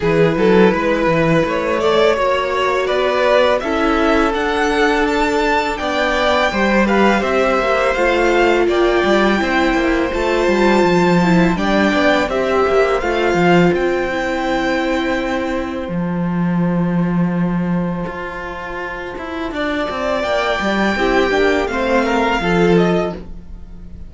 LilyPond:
<<
  \new Staff \with { instrumentName = "violin" } { \time 4/4 \tempo 4 = 83 b'2 cis''2 | d''4 e''4 fis''4 a''4 | g''4. f''8 e''4 f''4 | g''2 a''2 |
g''4 e''4 f''4 g''4~ | g''2 a''2~ | a''1 | g''2 f''4. dis''8 | }
  \new Staff \with { instrumentName = "violin" } { \time 4/4 gis'8 a'8 b'4. d''8 cis''4 | b'4 a'2. | d''4 c''8 b'8 c''2 | d''4 c''2. |
d''4 c''2.~ | c''1~ | c''2. d''4~ | d''4 g'4 c''8 ais'8 a'4 | }
  \new Staff \with { instrumentName = "viola" } { \time 4/4 e'2~ e'8 a'8 fis'4~ | fis'4 e'4 d'2~ | d'4 g'2 f'4~ | f'4 e'4 f'4. e'8 |
d'4 g'4 f'4. e'8~ | e'2 f'2~ | f'1~ | f'4 e'8 d'8 c'4 f'4 | }
  \new Staff \with { instrumentName = "cello" } { \time 4/4 e8 fis8 gis8 e8 a4 ais4 | b4 cis'4 d'2 | b4 g4 c'8 ais8 a4 | ais8 g8 c'8 ais8 a8 g8 f4 |
g8 b8 c'8 ais8 a8 f8 c'4~ | c'2 f2~ | f4 f'4. e'8 d'8 c'8 | ais8 g8 c'8 ais8 a4 f4 | }
>>